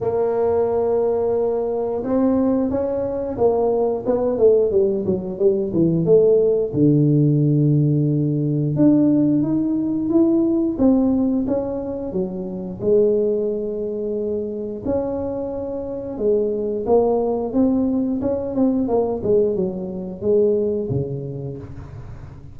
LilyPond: \new Staff \with { instrumentName = "tuba" } { \time 4/4 \tempo 4 = 89 ais2. c'4 | cis'4 ais4 b8 a8 g8 fis8 | g8 e8 a4 d2~ | d4 d'4 dis'4 e'4 |
c'4 cis'4 fis4 gis4~ | gis2 cis'2 | gis4 ais4 c'4 cis'8 c'8 | ais8 gis8 fis4 gis4 cis4 | }